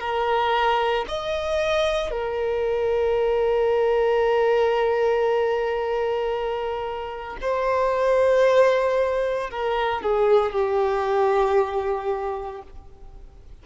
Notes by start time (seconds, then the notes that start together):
0.00 A#4
1.08 D#5
2.11 A#4
7.41 C5
9.51 A#4
10.02 G#4
10.52 G4